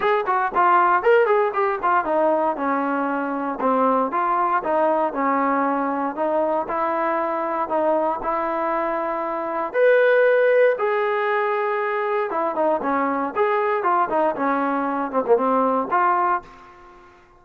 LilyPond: \new Staff \with { instrumentName = "trombone" } { \time 4/4 \tempo 4 = 117 gis'8 fis'8 f'4 ais'8 gis'8 g'8 f'8 | dis'4 cis'2 c'4 | f'4 dis'4 cis'2 | dis'4 e'2 dis'4 |
e'2. b'4~ | b'4 gis'2. | e'8 dis'8 cis'4 gis'4 f'8 dis'8 | cis'4. c'16 ais16 c'4 f'4 | }